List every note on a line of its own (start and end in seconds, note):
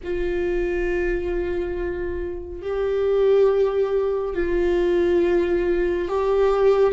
0.03 2.62 F4
2.62 4.34 G4
4.34 6.08 F4
6.08 6.93 G4